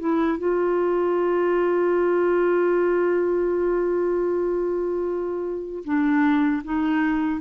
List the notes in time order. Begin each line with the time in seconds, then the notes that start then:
0.00 E4
0.38 F4
5.85 D4
6.64 D#4